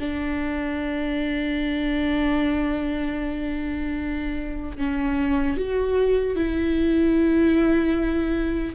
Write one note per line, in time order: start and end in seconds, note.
0.00 4.78 D4
4.78 5.57 C#4
5.57 6.36 F#4
6.36 8.75 E4